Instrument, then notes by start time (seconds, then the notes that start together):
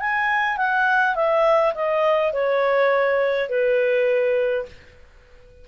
clarinet
0.00 G#5
0.57 F#5
1.15 E5
1.74 D#5
2.33 C#5
3.49 B4